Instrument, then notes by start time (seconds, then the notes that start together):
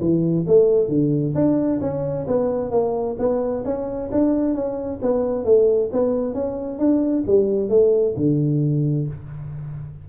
tuba
0.00 E3
0.47 A3
0.88 D3
1.34 D4
1.80 C#4
2.27 B3
2.71 A#3
3.18 B3
3.64 C#4
4.11 D4
4.54 C#4
5.02 B3
5.44 A3
5.92 B3
6.34 C#4
6.78 D4
7.27 G3
7.69 A3
8.16 D3